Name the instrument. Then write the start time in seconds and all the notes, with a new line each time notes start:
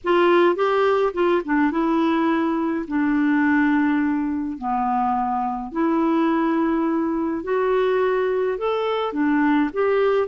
clarinet
0.03 F4
0.55 G4
1.13 F4
1.44 D4
1.71 E4
2.87 D4
4.57 B3
5.72 E4
7.43 F#4
8.57 A4
9.12 D4
9.73 G4